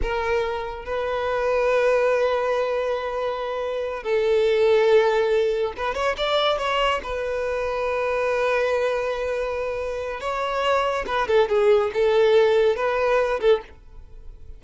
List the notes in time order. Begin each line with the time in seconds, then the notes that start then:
0.02 A#4
0.85 B4
4.03 A4
5.77 B4
5.94 C#5
6.17 D5
6.58 C#5
7.03 B4
10.20 C#5
11.06 B4
11.27 A4
11.48 G#4
11.93 A4
12.76 B4
13.40 A4